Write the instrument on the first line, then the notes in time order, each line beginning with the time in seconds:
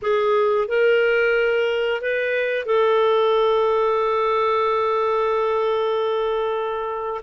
clarinet
0.02 G#4
0.68 A#4
2.01 B4
2.65 A4